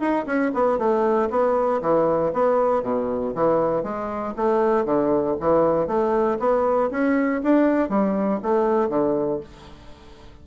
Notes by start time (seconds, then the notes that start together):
0.00 D#4
0.25 C#4
0.54 B3
0.78 A3
1.30 B3
1.81 E3
2.33 B3
2.82 B2
3.34 E3
3.83 G#3
4.36 A3
4.85 D3
5.40 E3
5.87 A3
6.39 B3
6.91 C#4
7.43 D4
7.89 G3
8.42 A3
8.89 D3